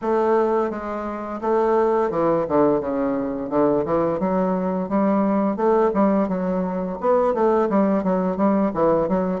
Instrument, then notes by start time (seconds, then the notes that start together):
bassoon
0.01 A3
0.70 G#3
1.41 A3
2.10 E3
2.48 D3
2.80 C#3
3.49 D3
3.85 E3
4.19 F#3
4.88 G3
5.56 A3
5.94 G3
6.28 F#3
7.00 B3
7.34 A3
7.69 G3
8.03 F#3
8.37 G3
8.73 E3
9.08 F#3